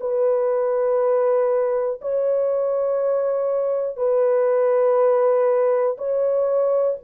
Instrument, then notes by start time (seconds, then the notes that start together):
horn
0.00 B4
2.01 C#5
3.96 B4
5.97 C#5